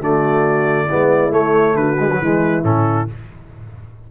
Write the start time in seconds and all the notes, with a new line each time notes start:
0.00 D3 A3 F#4 D5
0.86 B3 E4
0.92 G#3
1.31 A3 C#5
1.75 D3 F#4 B4
1.99 G#3
2.12 F#3
2.21 E3 G#3 E4
2.63 A2 C#4 A4